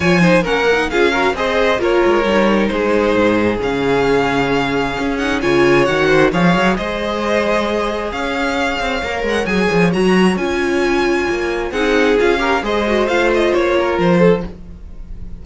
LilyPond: <<
  \new Staff \with { instrumentName = "violin" } { \time 4/4 \tempo 4 = 133 gis''4 fis''4 f''4 dis''4 | cis''2 c''2 | f''2.~ f''8 fis''8 | gis''4 fis''4 f''4 dis''4~ |
dis''2 f''2~ | f''8 fis''8 gis''4 ais''4 gis''4~ | gis''2 fis''4 f''4 | dis''4 f''8 dis''8 cis''4 c''4 | }
  \new Staff \with { instrumentName = "violin" } { \time 4/4 cis''8 c''8 ais'4 gis'8 ais'8 c''4 | ais'2 gis'2~ | gis'1 | cis''4. c''8 cis''4 c''4~ |
c''2 cis''2~ | cis''1~ | cis''2 gis'4. ais'8 | c''2~ c''8 ais'4 a'8 | }
  \new Staff \with { instrumentName = "viola" } { \time 4/4 f'8 dis'8 cis'8 dis'8 f'8 fis'8 gis'4 | f'4 dis'2. | cis'2.~ cis'8 dis'8 | f'4 fis'4 gis'2~ |
gis'1 | ais'4 gis'4 fis'4 f'4~ | f'2 dis'4 f'8 g'8 | gis'8 fis'8 f'2. | }
  \new Staff \with { instrumentName = "cello" } { \time 4/4 f4 ais4 cis'4 c'4 | ais8 gis8 g4 gis4 gis,4 | cis2. cis'4 | cis4 dis4 f8 fis8 gis4~ |
gis2 cis'4. c'8 | ais8 gis8 fis8 f8 fis4 cis'4~ | cis'4 ais4 c'4 cis'4 | gis4 a4 ais4 f4 | }
>>